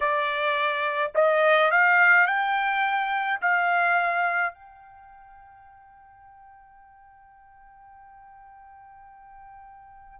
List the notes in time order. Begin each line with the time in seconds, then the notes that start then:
0.00 D5
1.14 D#5
1.71 F5
2.26 G5
3.41 F5
4.54 G5